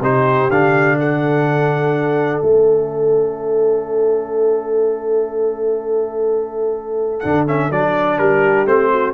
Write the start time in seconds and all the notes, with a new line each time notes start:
0.00 C3 D#4 G4 C5
0.49 D3 D4 F5
0.99 A4 F#5
2.41 A3 C#4 E5
7.20 D3 D4 F#5
7.47 C#4 E5
7.70 F#3 D4 D5
8.18 G3 G4 A#4
8.65 A3 C4 C5
8.92 F#4